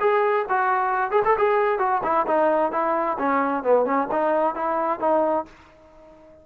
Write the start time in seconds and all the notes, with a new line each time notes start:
0.00 G#4
0.49 F#4
1.11 G#4
1.25 A4
1.38 G#4
1.79 F#4
2.03 E4
2.26 D#4
2.72 E4
3.18 C#4
3.63 B3
3.85 C#4
4.11 D#4
4.55 E4
5.00 D#4